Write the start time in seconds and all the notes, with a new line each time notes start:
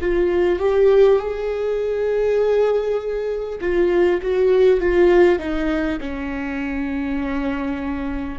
0.00 F4
0.59 G4
1.19 G#4
3.61 F4
4.21 F#4
4.80 F4
5.38 D#4
6.00 C#4